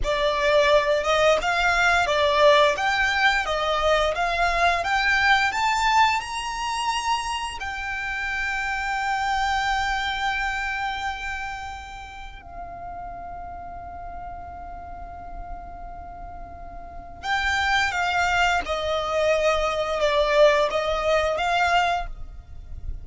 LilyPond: \new Staff \with { instrumentName = "violin" } { \time 4/4 \tempo 4 = 87 d''4. dis''8 f''4 d''4 | g''4 dis''4 f''4 g''4 | a''4 ais''2 g''4~ | g''1~ |
g''2 f''2~ | f''1~ | f''4 g''4 f''4 dis''4~ | dis''4 d''4 dis''4 f''4 | }